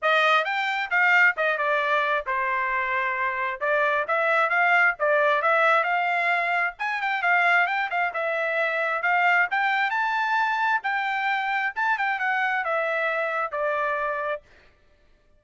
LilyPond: \new Staff \with { instrumentName = "trumpet" } { \time 4/4 \tempo 4 = 133 dis''4 g''4 f''4 dis''8 d''8~ | d''4 c''2. | d''4 e''4 f''4 d''4 | e''4 f''2 gis''8 g''8 |
f''4 g''8 f''8 e''2 | f''4 g''4 a''2 | g''2 a''8 g''8 fis''4 | e''2 d''2 | }